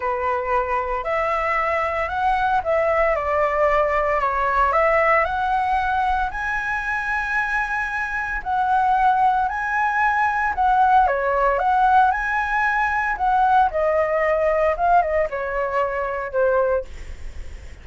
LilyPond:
\new Staff \with { instrumentName = "flute" } { \time 4/4 \tempo 4 = 114 b'2 e''2 | fis''4 e''4 d''2 | cis''4 e''4 fis''2 | gis''1 |
fis''2 gis''2 | fis''4 cis''4 fis''4 gis''4~ | gis''4 fis''4 dis''2 | f''8 dis''8 cis''2 c''4 | }